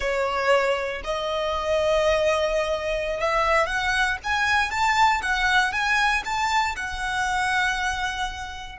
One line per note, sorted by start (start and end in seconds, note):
0.00 1.01 C#5
1.04 3.20 D#5
3.20 3.66 E5
3.66 4.17 F#5
4.23 4.70 G#5
4.70 5.21 A5
5.21 5.72 F#5
5.72 6.23 G#5
6.24 6.75 A5
6.75 8.78 F#5